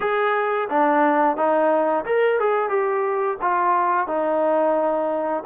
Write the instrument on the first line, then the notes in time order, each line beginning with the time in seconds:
trombone
0.00 G#4
0.69 D4
1.36 D#4
2.05 A#4
2.39 G#4
2.69 G4
3.41 F4
4.07 D#4